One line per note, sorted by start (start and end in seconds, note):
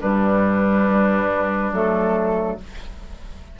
0.00 0.88 G2
0.00 1.72 G3
0.00 2.57 D4
0.00 1.72 B4
0.90 1.72 G3
1.72 2.57 F#3
1.72 2.58 A3
1.72 2.59 A4